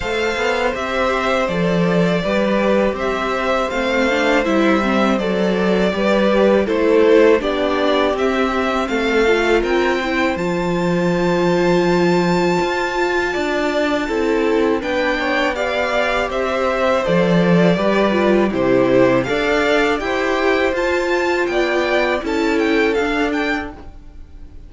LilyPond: <<
  \new Staff \with { instrumentName = "violin" } { \time 4/4 \tempo 4 = 81 f''4 e''4 d''2 | e''4 f''4 e''4 d''4~ | d''4 c''4 d''4 e''4 | f''4 g''4 a''2~ |
a''1 | g''4 f''4 e''4 d''4~ | d''4 c''4 f''4 g''4 | a''4 g''4 a''8 g''8 f''8 g''8 | }
  \new Staff \with { instrumentName = "violin" } { \time 4/4 c''2. b'4 | c''1 | b'4 a'4 g'2 | a'4 ais'8 c''2~ c''8~ |
c''2 d''4 a'4 | b'8 cis''8 d''4 c''2 | b'4 g'4 d''4 c''4~ | c''4 d''4 a'2 | }
  \new Staff \with { instrumentName = "viola" } { \time 4/4 a'4 g'4 a'4 g'4~ | g'4 c'8 d'8 e'8 c'8 a'4 | g'4 e'4 d'4 c'4~ | c'8 f'4 e'8 f'2~ |
f'2. e'4 | d'4 g'2 a'4 | g'8 f'8 e'4 a'4 g'4 | f'2 e'4 d'4 | }
  \new Staff \with { instrumentName = "cello" } { \time 4/4 a8 b8 c'4 f4 g4 | c'4 a4 g4 fis4 | g4 a4 b4 c'4 | a4 c'4 f2~ |
f4 f'4 d'4 c'4 | b2 c'4 f4 | g4 c4 d'4 e'4 | f'4 b4 cis'4 d'4 | }
>>